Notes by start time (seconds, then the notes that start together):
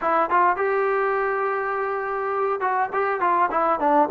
0.01 E4
0.29 F4
0.56 G4
2.60 F#4
2.93 G4
3.20 F4
3.50 E4
3.79 D4